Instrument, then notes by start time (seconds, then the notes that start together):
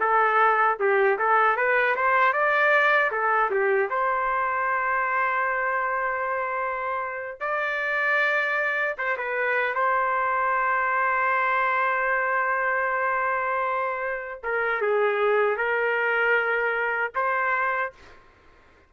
trumpet
0.00 A4
0.80 G4
1.19 A4
1.57 B4
1.96 C5
2.33 D5
3.12 A4
3.51 G4
3.90 C5
7.41 D5
8.98 C5
9.18 B4
9.75 C5
14.44 A#4
14.82 G#4
15.57 A#4
17.15 C5